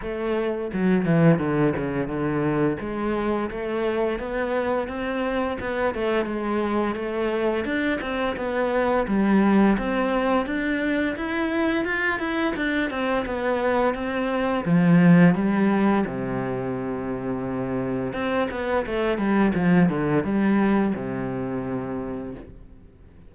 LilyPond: \new Staff \with { instrumentName = "cello" } { \time 4/4 \tempo 4 = 86 a4 fis8 e8 d8 cis8 d4 | gis4 a4 b4 c'4 | b8 a8 gis4 a4 d'8 c'8 | b4 g4 c'4 d'4 |
e'4 f'8 e'8 d'8 c'8 b4 | c'4 f4 g4 c4~ | c2 c'8 b8 a8 g8 | f8 d8 g4 c2 | }